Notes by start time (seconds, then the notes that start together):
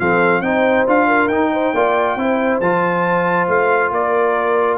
0.00 F3 C4 A4 F5
0.41 C4 D#4 C5 G5
0.87 D4 F4 F5
1.08 A#4
1.29 D#4 G5
1.53 C5
1.74 A#3 F4 D5
2.16 C4 E4 C5
2.61 F3 F4 A5
3.49 A3 F5
3.92 A#3 A#4 D5